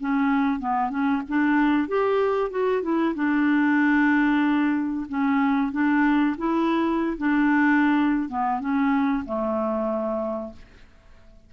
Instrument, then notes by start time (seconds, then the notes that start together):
clarinet
0.00 C#4
0.60 B3
0.90 C#4
1.29 D4
1.88 G4
2.51 F#4
2.83 E4
3.15 D4
5.09 C#4
5.72 D4
6.38 E4
7.18 D4
8.29 B3
8.60 C#4
9.25 A3